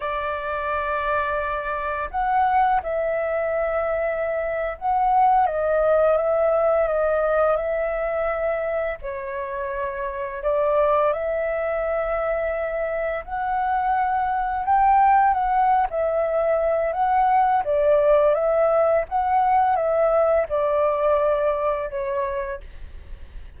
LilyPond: \new Staff \with { instrumentName = "flute" } { \time 4/4 \tempo 4 = 85 d''2. fis''4 | e''2~ e''8. fis''4 dis''16~ | dis''8. e''4 dis''4 e''4~ e''16~ | e''8. cis''2 d''4 e''16~ |
e''2~ e''8. fis''4~ fis''16~ | fis''8. g''4 fis''8. e''4. | fis''4 d''4 e''4 fis''4 | e''4 d''2 cis''4 | }